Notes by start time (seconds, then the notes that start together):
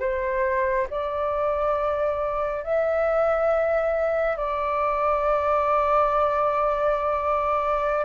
0.00 C5
0.90 D5
2.63 E5
4.37 D5